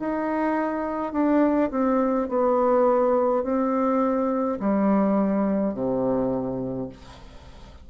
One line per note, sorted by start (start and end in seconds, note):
0.00 1.13 D#4
1.13 1.71 D4
1.71 2.29 C4
2.29 3.44 B3
3.44 4.59 C4
4.60 5.74 G3
5.74 6.90 C3